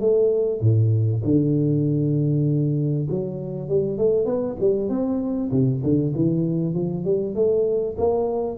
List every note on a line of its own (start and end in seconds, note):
0.00 0.61 A3
0.61 1.22 A2
1.24 3.07 D3
3.09 3.68 F#3
3.68 3.97 G3
3.97 4.25 A3
4.25 4.56 B3
4.60 4.88 G3
4.88 5.50 C4
5.51 5.82 C3
5.82 6.13 D3
6.14 6.73 E3
6.73 7.04 F3
7.04 7.35 G3
7.35 7.96 A3
7.98 8.57 A#3